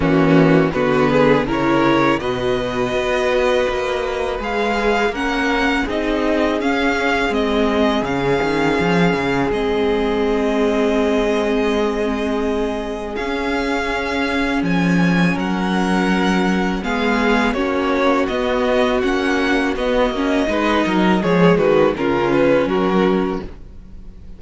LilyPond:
<<
  \new Staff \with { instrumentName = "violin" } { \time 4/4 \tempo 4 = 82 fis'4 b'4 cis''4 dis''4~ | dis''2 f''4 fis''4 | dis''4 f''4 dis''4 f''4~ | f''4 dis''2.~ |
dis''2 f''2 | gis''4 fis''2 f''4 | cis''4 dis''4 fis''4 dis''4~ | dis''4 cis''8 b'8 ais'8 b'8 ais'4 | }
  \new Staff \with { instrumentName = "violin" } { \time 4/4 cis'4 fis'8 gis'8 ais'4 b'4~ | b'2. ais'4 | gis'1~ | gis'1~ |
gis'1~ | gis'4 ais'2 gis'4 | fis'1 | b'8 ais'8 gis'8 fis'8 f'4 fis'4 | }
  \new Staff \with { instrumentName = "viola" } { \time 4/4 ais4 b4 e'4 fis'4~ | fis'2 gis'4 cis'4 | dis'4 cis'4 c'4 cis'4~ | cis'4 c'2.~ |
c'2 cis'2~ | cis'2. b4 | cis'4 b4 cis'4 b8 cis'8 | dis'4 gis4 cis'2 | }
  \new Staff \with { instrumentName = "cello" } { \time 4/4 e4 d4 cis4 b,4 | b4 ais4 gis4 ais4 | c'4 cis'4 gis4 cis8 dis8 | f8 cis8 gis2.~ |
gis2 cis'2 | f4 fis2 gis4 | ais4 b4 ais4 b8 ais8 | gis8 fis8 f8 dis8 cis4 fis4 | }
>>